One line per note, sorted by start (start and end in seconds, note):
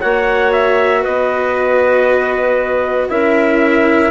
0.00 1.06 A#3
0.00 3.10 F#4
0.00 1.02 C#5
0.00 0.52 F#5
0.53 1.05 E5
1.02 3.10 B3
1.02 3.08 B4
1.02 3.10 D#5
3.10 4.12 C#4
3.10 4.12 E4
3.10 4.12 A#4
3.10 4.12 E5